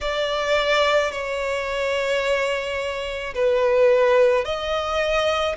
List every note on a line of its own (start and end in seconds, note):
0.00 1.11 D5
1.11 3.33 C#5
3.34 4.44 B4
4.44 5.56 D#5